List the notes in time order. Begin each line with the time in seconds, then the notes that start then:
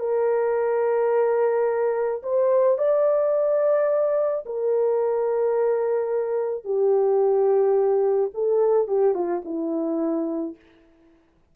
0.00 A#4
2.23 C5
2.78 D5
4.46 A#4
6.65 G4
8.34 A4
8.88 G4
9.15 F4
9.45 E4